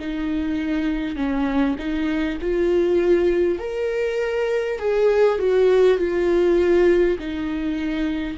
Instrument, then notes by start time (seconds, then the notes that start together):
viola
0.00 D#4
1.17 C#4
1.79 D#4
2.42 F4
3.59 A#4
4.79 G#4
5.39 F#4
5.98 F4
7.19 D#4